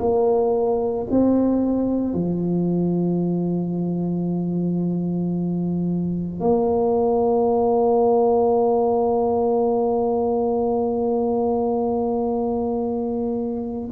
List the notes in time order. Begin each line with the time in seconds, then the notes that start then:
0.00 A#3
1.11 C4
2.14 F3
6.41 A#3